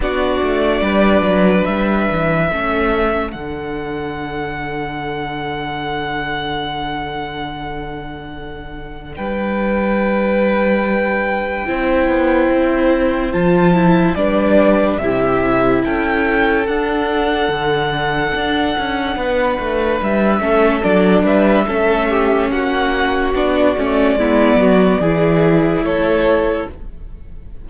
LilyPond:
<<
  \new Staff \with { instrumentName = "violin" } { \time 4/4 \tempo 4 = 72 d''2 e''2 | fis''1~ | fis''2. g''4~ | g''1 |
a''4 d''4 e''4 g''4 | fis''1 | e''4 d''8 e''4. fis''4 | d''2. cis''4 | }
  \new Staff \with { instrumentName = "violin" } { \time 4/4 fis'4 b'2 a'4~ | a'1~ | a'2. b'4~ | b'2 c''2~ |
c''4 b'4 g'4 a'4~ | a'2. b'4~ | b'8 a'4 b'8 a'8 g'8 fis'4~ | fis'4 e'8 fis'8 gis'4 a'4 | }
  \new Staff \with { instrumentName = "viola" } { \time 4/4 d'2. cis'4 | d'1~ | d'1~ | d'2 e'2 |
f'8 e'8 d'4 e'2 | d'1~ | d'8 cis'8 d'4 cis'2 | d'8 cis'8 b4 e'2 | }
  \new Staff \with { instrumentName = "cello" } { \time 4/4 b8 a8 g8 fis8 g8 e8 a4 | d1~ | d2. g4~ | g2 c'8 b8 c'4 |
f4 g4 c4 cis'4 | d'4 d4 d'8 cis'8 b8 a8 | g8 a8 fis8 g8 a4 ais4 | b8 a8 gis8 fis8 e4 a4 | }
>>